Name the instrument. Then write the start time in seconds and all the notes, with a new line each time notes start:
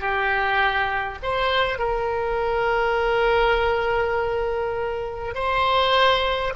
oboe
0.00 G4
1.23 C5
1.79 A#4
5.35 C5